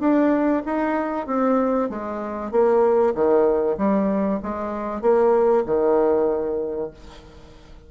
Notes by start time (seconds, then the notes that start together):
0.00 D4
0.65 D#4
1.27 C4
1.89 G#3
2.51 A#3
3.14 D#3
3.78 G3
4.43 G#3
5.01 A#3
5.66 D#3